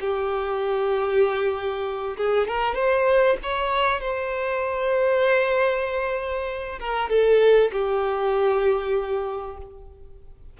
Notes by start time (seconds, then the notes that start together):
0.00 G4
2.17 G#4
2.47 A#4
2.74 C5
3.42 C#5
4.01 C5
6.79 A#4
7.09 A4
7.72 G4